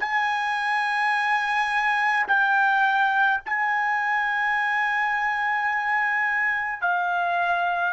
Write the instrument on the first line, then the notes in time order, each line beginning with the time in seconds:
trumpet
0.00 G#5
2.28 G5
3.45 G#5
6.82 F5